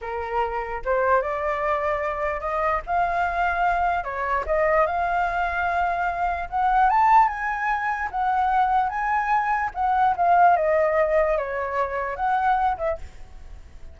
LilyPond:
\new Staff \with { instrumentName = "flute" } { \time 4/4 \tempo 4 = 148 ais'2 c''4 d''4~ | d''2 dis''4 f''4~ | f''2 cis''4 dis''4 | f''1 |
fis''4 a''4 gis''2 | fis''2 gis''2 | fis''4 f''4 dis''2 | cis''2 fis''4. e''8 | }